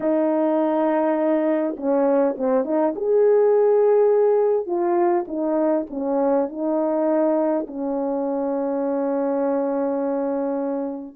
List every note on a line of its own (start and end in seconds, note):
0.00 1.76 D#4
1.76 2.35 C#4
2.37 2.64 C4
2.64 2.94 D#4
2.95 4.66 G#4
4.66 5.25 F4
5.27 5.86 D#4
5.90 6.49 C#4
6.49 7.66 D#4
7.67 11.15 C#4